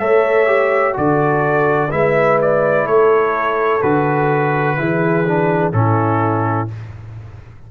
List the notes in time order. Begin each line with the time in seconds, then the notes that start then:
0.00 A3 A4 C#5 E5
0.47 G4
0.93 D3 F#4 A4 D5
1.91 G#3 E4 B4 E5
2.42 D5
2.87 A3 A4 C#5
3.83 D3 F#4 B4
4.78 E3 E4 G#4
5.28 D4
5.73 A2 C#4 E4 A4